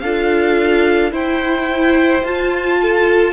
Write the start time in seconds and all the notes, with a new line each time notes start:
0.00 D4 F4 A4 F5
1.12 E4 C5 G5
2.24 F4 A5
2.82 A4